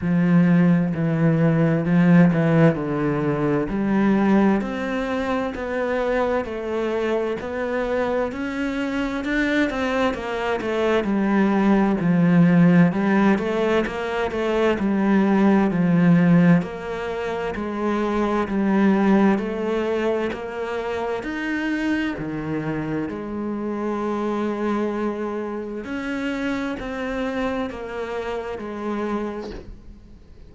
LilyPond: \new Staff \with { instrumentName = "cello" } { \time 4/4 \tempo 4 = 65 f4 e4 f8 e8 d4 | g4 c'4 b4 a4 | b4 cis'4 d'8 c'8 ais8 a8 | g4 f4 g8 a8 ais8 a8 |
g4 f4 ais4 gis4 | g4 a4 ais4 dis'4 | dis4 gis2. | cis'4 c'4 ais4 gis4 | }